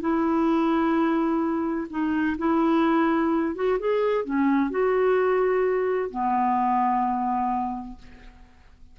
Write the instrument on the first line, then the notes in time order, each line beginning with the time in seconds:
clarinet
0.00 E4
1.90 D#4
2.38 E4
3.55 F#4
3.79 G#4
4.25 C#4
4.70 F#4
6.10 B3